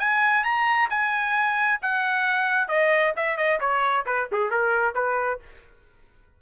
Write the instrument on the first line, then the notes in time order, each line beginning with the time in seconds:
trumpet
0.00 G#5
0.44 A#5
0.90 G#5
1.82 F#5
2.68 D#5
3.17 E5
3.37 D#5
3.61 C#5
4.06 B4
4.32 G#4
4.51 A#4
4.95 B4